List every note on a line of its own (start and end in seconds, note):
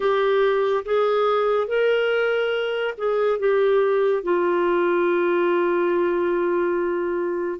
0.00 0.84 G4
0.85 1.67 G#4
1.67 2.94 A#4
2.97 3.39 G#4
3.39 4.23 G4
4.23 7.59 F4